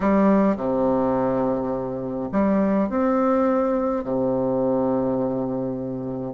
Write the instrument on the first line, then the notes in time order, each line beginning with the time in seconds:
bassoon
0.00 G3
0.56 C3
2.32 G3
2.89 C4
4.04 C3